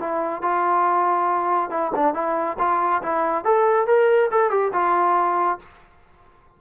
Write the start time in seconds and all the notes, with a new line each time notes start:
0.00 E4
0.42 F4
1.70 E4
1.95 D4
2.14 E4
2.59 F4
3.03 E4
3.45 A4
3.87 A#4
4.32 A4
4.51 G4
4.73 F4